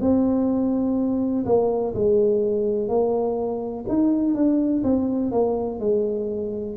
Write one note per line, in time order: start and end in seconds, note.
0.00 1.45 C4
1.45 1.94 A#3
1.94 2.88 G#3
2.88 3.85 A#3
3.88 4.34 D#4
4.34 4.83 D4
4.83 5.31 C4
5.31 5.79 A#3
5.79 6.76 G#3